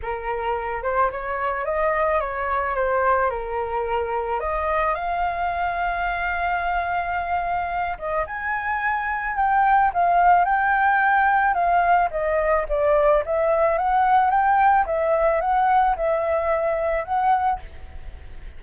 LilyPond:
\new Staff \with { instrumentName = "flute" } { \time 4/4 \tempo 4 = 109 ais'4. c''8 cis''4 dis''4 | cis''4 c''4 ais'2 | dis''4 f''2.~ | f''2~ f''8 dis''8 gis''4~ |
gis''4 g''4 f''4 g''4~ | g''4 f''4 dis''4 d''4 | e''4 fis''4 g''4 e''4 | fis''4 e''2 fis''4 | }